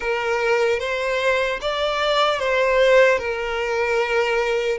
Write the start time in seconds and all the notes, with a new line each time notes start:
0.00 A#4
0.79 C5
1.61 D5
2.39 C5
3.18 A#4